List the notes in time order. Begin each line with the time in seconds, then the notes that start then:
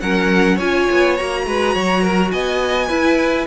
0.00 F#3 C#4 A#4 F#5
0.55 C#4 F4 C#5 G#5
0.91 B3
1.17 A#3 F#4 A#5
1.46 G#3 B4
1.75 F#3 C#5
2.02 A#4
2.31 B3 D#5 G#5
2.88 E4 B4